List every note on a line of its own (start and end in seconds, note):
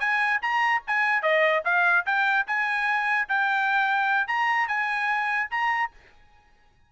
0.00 0.41 G#5
0.42 0.83 A#5
0.87 1.23 G#5
1.23 1.63 D#5
1.65 2.05 F5
2.06 2.46 G5
2.47 3.29 G#5
3.29 4.28 G5
4.28 4.68 A#5
4.68 5.49 G#5
5.51 5.91 A#5